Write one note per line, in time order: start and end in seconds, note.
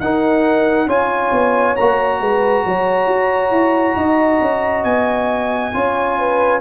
0.00 0.87 D#4
0.00 0.88 D#4
0.00 0.87 A#4
0.00 0.89 F#5
0.87 1.31 C#4
0.87 1.76 F4
0.87 2.20 C#5
0.87 1.76 G#5
1.32 1.76 B3
1.76 2.21 A#3
1.76 5.74 F#4
1.76 4.84 A#5
2.21 2.65 G#3
2.21 2.65 B4
2.65 3.07 F#3
2.65 3.98 C#5
3.07 3.51 F#4
3.51 3.96 E4
3.96 4.40 D#4
3.96 5.74 D#5
4.41 4.84 C#4
4.84 5.73 B3
4.84 6.61 G#5
5.74 6.61 C#4
5.74 6.61 F4
5.74 6.19 C#5
6.19 6.61 B4